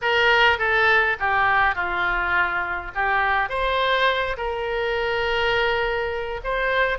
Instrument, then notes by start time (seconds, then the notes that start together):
oboe
0.01 A#4
0.58 A4
1.19 G4
1.75 F4
2.94 G4
3.49 C5
4.37 A#4
6.44 C5